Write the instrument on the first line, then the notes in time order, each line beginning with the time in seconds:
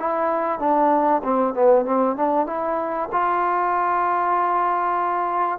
trombone
0.00 E4
0.60 D4
1.24 C4
1.54 B3
1.86 C4
2.17 D4
2.47 E4
3.12 F4